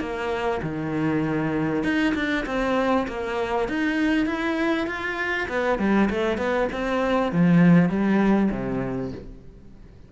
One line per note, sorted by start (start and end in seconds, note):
0.00 0.61 A#3
0.62 1.83 D#3
1.83 2.14 D#4
2.15 2.45 D4
2.46 3.07 C4
3.07 3.68 A#3
3.68 4.26 D#4
4.26 4.87 E4
4.87 5.47 F4
5.48 5.79 B3
5.79 6.09 G3
6.10 6.37 A3
6.37 6.67 B3
6.72 7.32 C4
7.32 7.89 F3
7.89 8.49 G3
8.51 9.11 C3